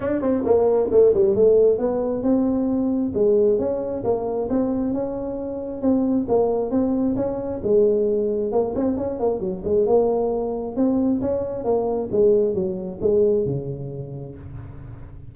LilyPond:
\new Staff \with { instrumentName = "tuba" } { \time 4/4 \tempo 4 = 134 d'8 c'8 ais4 a8 g8 a4 | b4 c'2 gis4 | cis'4 ais4 c'4 cis'4~ | cis'4 c'4 ais4 c'4 |
cis'4 gis2 ais8 c'8 | cis'8 ais8 fis8 gis8 ais2 | c'4 cis'4 ais4 gis4 | fis4 gis4 cis2 | }